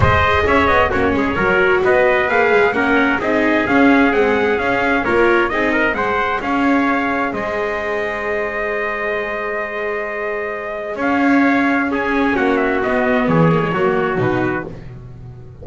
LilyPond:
<<
  \new Staff \with { instrumentName = "trumpet" } { \time 4/4 \tempo 4 = 131 dis''4 e''8 dis''8 cis''2 | dis''4 f''4 fis''4 dis''4 | f''4 fis''4 f''4 cis''4 | dis''4 fis''4 f''2 |
dis''1~ | dis''1 | f''2 gis''4 fis''8 e''8 | dis''4 cis''2 b'4 | }
  \new Staff \with { instrumentName = "trumpet" } { \time 4/4 c''4 cis''4 fis'8 gis'8 ais'4 | b'2 ais'4 gis'4~ | gis'2. ais'4 | gis'8 ais'8 c''4 cis''2 |
c''1~ | c''1 | cis''2 gis'4 fis'4~ | fis'4 gis'4 fis'2 | }
  \new Staff \with { instrumentName = "viola" } { \time 4/4 gis'2 cis'4 fis'4~ | fis'4 gis'4 cis'4 dis'4 | cis'4 gis4 cis'4 f'4 | dis'4 gis'2.~ |
gis'1~ | gis'1~ | gis'2 cis'2 | b4. ais16 gis16 ais4 dis'4 | }
  \new Staff \with { instrumentName = "double bass" } { \time 4/4 gis4 cis'8 b8 ais8 gis8 fis4 | b4 ais8 gis8 ais4 c'4 | cis'4 c'4 cis'4 ais4 | c'4 gis4 cis'2 |
gis1~ | gis1 | cis'2. ais4 | b4 e4 fis4 b,4 | }
>>